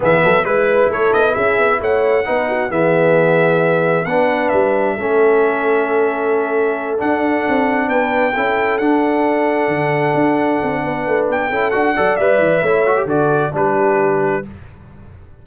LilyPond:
<<
  \new Staff \with { instrumentName = "trumpet" } { \time 4/4 \tempo 4 = 133 e''4 b'4 cis''8 dis''8 e''4 | fis''2 e''2~ | e''4 fis''4 e''2~ | e''2.~ e''8 fis''8~ |
fis''4. g''2 fis''8~ | fis''1~ | fis''4 g''4 fis''4 e''4~ | e''4 d''4 b'2 | }
  \new Staff \with { instrumentName = "horn" } { \time 4/4 gis'8 a'8 b'4 a'4 gis'4 | cis''4 b'8 fis'8 gis'2~ | gis'4 b'2 a'4~ | a'1~ |
a'4. b'4 a'4.~ | a'1 | b'4. a'4 d''4. | cis''4 a'4 g'2 | }
  \new Staff \with { instrumentName = "trombone" } { \time 4/4 b4 e'2.~ | e'4 dis'4 b2~ | b4 d'2 cis'4~ | cis'2.~ cis'8 d'8~ |
d'2~ d'8 e'4 d'8~ | d'1~ | d'4. e'8 fis'8 a'8 b'4 | e'8 fis'16 g'16 fis'4 d'2 | }
  \new Staff \with { instrumentName = "tuba" } { \time 4/4 e8 fis8 gis4 a8 b8 cis'8 b8 | a4 b4 e2~ | e4 b4 g4 a4~ | a2.~ a8 d'8~ |
d'8 c'4 b4 cis'4 d'8~ | d'4. d4 d'4 c'8 | b8 a8 b8 cis'8 d'8 fis8 g8 e8 | a4 d4 g2 | }
>>